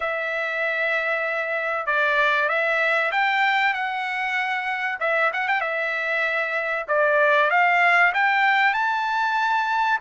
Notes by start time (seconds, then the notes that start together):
0.00 E5
1.86 D5
2.48 E5
3.11 G5
3.73 F#5
5.00 E5
5.33 F#5
5.47 G5
5.60 E5
6.88 D5
7.50 F5
8.14 G5
8.73 A5